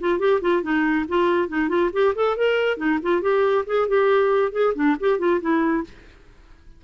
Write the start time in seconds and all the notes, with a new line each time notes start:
0.00 F4
0.19 G4
0.41 F4
0.62 D#4
1.08 F4
1.48 D#4
1.69 F4
1.93 G4
2.15 A4
2.37 A#4
2.77 D#4
3.02 F4
3.21 G4
3.66 G#4
3.88 G4
4.52 G#4
4.75 D4
5.00 G4
5.19 F4
5.41 E4